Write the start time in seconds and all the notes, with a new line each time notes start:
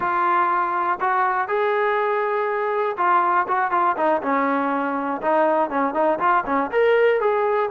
0.00 F4
1.00 F#4
1.47 G#4
2.97 F4
3.48 F#4
3.71 F4
3.96 D#4
4.21 C#4
5.21 D#4
5.69 C#4
5.94 D#4
6.19 F4
6.46 C#4
6.71 A#4
7.20 G#4